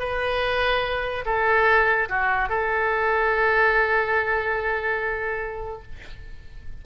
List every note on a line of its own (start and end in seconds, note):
0.00 1.25 B4
1.26 2.09 A4
2.09 2.49 F#4
2.49 5.83 A4